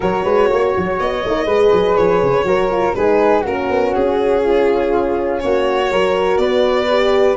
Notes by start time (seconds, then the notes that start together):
0.00 F#3 F#4 A#4 C#5
0.23 G#3 B4
0.49 A#3 C#5
0.76 F#3
0.99 B3 D#5
1.25 A#3 D#4
1.45 G#3 G#4 B4
1.72 F#3
1.96 F3 C#5
2.22 C#3
2.43 F#3 F#4 A#4
2.69 F4
2.94 G#3 D#4 G#4 B4
3.41 A#3 C#4 F#4 A#4
3.69 B3
3.94 C#4 G#4
4.43 F4
5.39 A#3 F#4 C#5
5.90 F#3 F#4 A#4
6.37 B3 B4 D5
6.89 G4